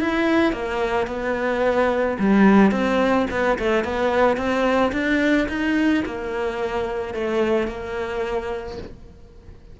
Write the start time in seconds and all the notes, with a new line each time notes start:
0.00 E4
0.52 A#3
1.07 B3
2.18 G3
2.71 C4
3.30 B3
3.58 A3
3.84 B3
4.37 C4
4.92 D4
5.48 D#4
6.05 A#3
7.14 A3
7.67 A#3